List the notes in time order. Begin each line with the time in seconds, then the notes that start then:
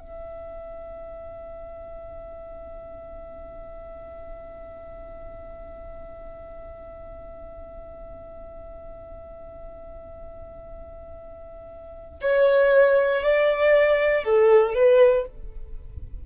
0.00 E5
12.22 C#5
13.23 D5
14.24 A4
14.75 B4